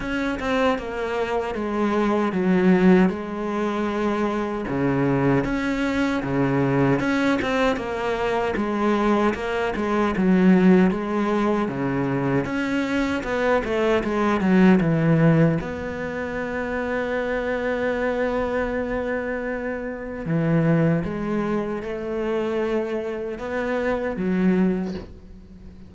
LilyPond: \new Staff \with { instrumentName = "cello" } { \time 4/4 \tempo 4 = 77 cis'8 c'8 ais4 gis4 fis4 | gis2 cis4 cis'4 | cis4 cis'8 c'8 ais4 gis4 | ais8 gis8 fis4 gis4 cis4 |
cis'4 b8 a8 gis8 fis8 e4 | b1~ | b2 e4 gis4 | a2 b4 fis4 | }